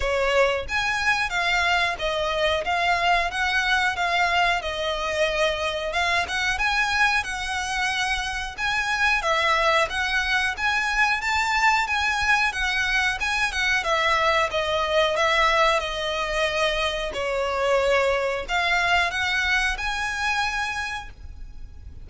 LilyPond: \new Staff \with { instrumentName = "violin" } { \time 4/4 \tempo 4 = 91 cis''4 gis''4 f''4 dis''4 | f''4 fis''4 f''4 dis''4~ | dis''4 f''8 fis''8 gis''4 fis''4~ | fis''4 gis''4 e''4 fis''4 |
gis''4 a''4 gis''4 fis''4 | gis''8 fis''8 e''4 dis''4 e''4 | dis''2 cis''2 | f''4 fis''4 gis''2 | }